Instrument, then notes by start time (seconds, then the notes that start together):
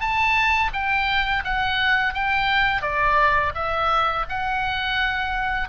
oboe
0.00 A5
0.73 G5
1.44 F#5
2.14 G5
2.82 D5
3.55 E5
4.29 F#5